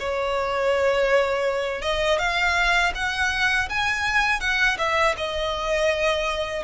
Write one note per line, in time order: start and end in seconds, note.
0.00 1.82 C#5
1.82 2.19 D#5
2.19 2.93 F5
2.95 3.69 F#5
3.70 4.41 G#5
4.41 4.78 F#5
4.79 5.16 E5
5.18 6.64 D#5